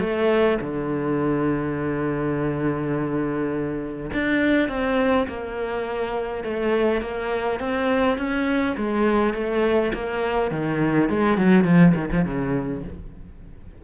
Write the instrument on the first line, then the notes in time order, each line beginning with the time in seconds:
cello
0.00 A3
0.61 D3
4.13 D4
4.69 C4
5.28 A#3
6.44 A3
7.01 A#3
7.60 C4
8.18 C#4
8.77 G#3
9.34 A3
9.94 A#3
10.51 D#3
11.09 G#3
11.37 F#3
11.64 F3
11.95 D#3
12.12 F3
12.25 C#3